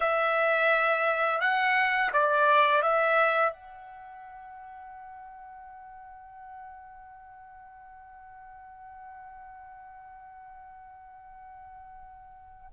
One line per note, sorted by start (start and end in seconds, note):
0.00 1.41 E5
1.41 2.11 F#5
2.12 2.82 D5
2.82 3.52 E5
3.53 12.70 F#5